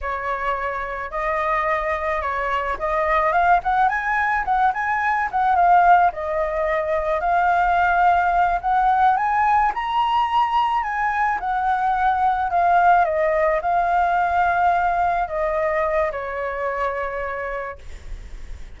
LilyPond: \new Staff \with { instrumentName = "flute" } { \time 4/4 \tempo 4 = 108 cis''2 dis''2 | cis''4 dis''4 f''8 fis''8 gis''4 | fis''8 gis''4 fis''8 f''4 dis''4~ | dis''4 f''2~ f''8 fis''8~ |
fis''8 gis''4 ais''2 gis''8~ | gis''8 fis''2 f''4 dis''8~ | dis''8 f''2. dis''8~ | dis''4 cis''2. | }